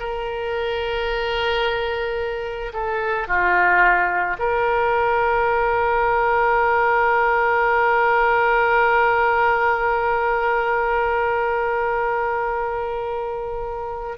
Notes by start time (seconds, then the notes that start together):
0.00 A#4
2.74 A4
3.28 F4
4.39 A#4